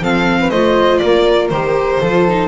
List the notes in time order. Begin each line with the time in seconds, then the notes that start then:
0.00 F3 C4 A4 F5
0.40 B4
0.51 A3 F4 C5 D#5
0.99 A#3 A#4 D5
1.50 D#3 G4 C5
2.01 F3 F4 A4
2.29 D#4